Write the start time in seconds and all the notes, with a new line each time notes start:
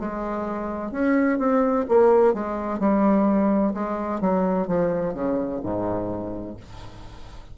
0.00 G#3
0.92 C#4
1.39 C4
1.89 A#3
2.34 G#3
2.80 G3
3.74 G#3
4.21 F#3
4.68 F3
5.14 C#3
5.63 G#2